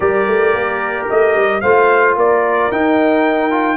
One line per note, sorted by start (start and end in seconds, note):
0.00 0.26 G3
0.00 1.61 G4
0.00 1.62 A#4
0.00 1.07 D5
0.27 0.54 A3
0.54 1.08 A#3
1.09 1.35 A3
1.09 1.60 D#5
1.35 1.62 G3
1.60 2.16 A3
1.60 2.72 F4
1.60 2.16 C5
1.60 2.14 F5
2.16 2.70 A#3
2.16 3.76 A#4
2.16 2.71 D5
2.71 3.76 D#4
2.71 3.50 D#4
2.71 3.76 G5
3.50 3.76 F4